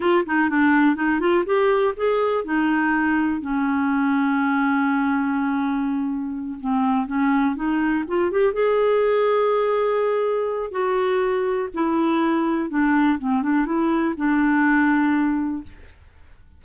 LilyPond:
\new Staff \with { instrumentName = "clarinet" } { \time 4/4 \tempo 4 = 123 f'8 dis'8 d'4 dis'8 f'8 g'4 | gis'4 dis'2 cis'4~ | cis'1~ | cis'4. c'4 cis'4 dis'8~ |
dis'8 f'8 g'8 gis'2~ gis'8~ | gis'2 fis'2 | e'2 d'4 c'8 d'8 | e'4 d'2. | }